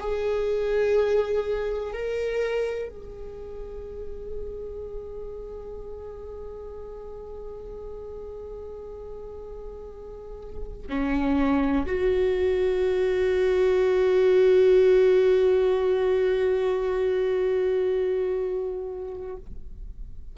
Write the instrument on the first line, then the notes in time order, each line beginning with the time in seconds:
viola
0.00 G#4
1.93 A#4
2.89 G#4
10.89 C#4
11.86 F#4